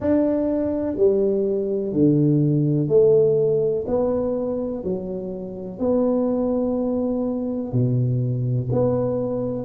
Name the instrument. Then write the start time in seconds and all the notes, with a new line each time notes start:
tuba
0.00 D4
0.96 G3
1.92 D3
2.88 A3
3.87 B3
4.83 F#3
5.78 B3
7.72 B2
8.72 B3